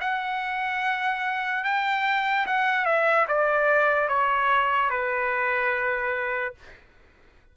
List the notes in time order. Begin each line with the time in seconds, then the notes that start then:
0.00 F#5
1.64 G5
2.46 F#5
2.85 E5
3.27 D5
4.08 C#5
4.90 B4